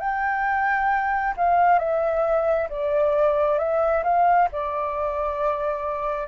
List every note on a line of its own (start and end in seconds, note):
0.00 1.34 G5
1.37 1.79 F5
1.79 2.68 E5
2.70 3.59 D5
3.59 4.03 E5
4.04 4.49 F5
4.52 6.28 D5